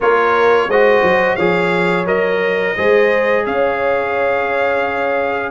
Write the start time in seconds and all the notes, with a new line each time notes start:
0.00 A#3 F4 A#4 C#5
0.67 G#3 F#4 C5 D#5
1.02 F#3
1.36 F3 G#4 C#5 F5
2.05 F#3 A#4 D#5
2.76 G#3 G#4 C5
3.46 C#4 C#5 F5